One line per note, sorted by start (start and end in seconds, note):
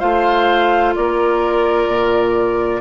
0.00 0.96 A3
0.00 2.81 F4
0.00 0.94 C5
0.00 0.94 F5
0.95 1.88 A#3
0.95 2.81 A#4
0.95 2.81 D5
1.88 2.81 A#2